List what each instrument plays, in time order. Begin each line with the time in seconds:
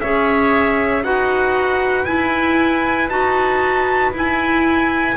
0.00 double bass C#4, clarinet G#4, oboe C#5, trumpet E5
1.03 double bass D#4, clarinet F#4, oboe B4, trumpet F#5
2.05 clarinet E4, double bass E4, trumpet G#5
3.09 double bass D#4, clarinet F#4, trumpet A5
4.13 double bass E4, clarinet E4, trumpet G#5